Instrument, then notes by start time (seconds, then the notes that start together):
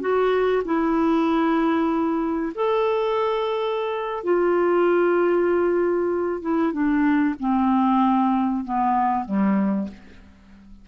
clarinet
0.00 F#4
0.64 E4
2.55 A4
4.24 F4
6.41 E4
6.72 D4
7.39 C4
8.64 B3
9.25 G3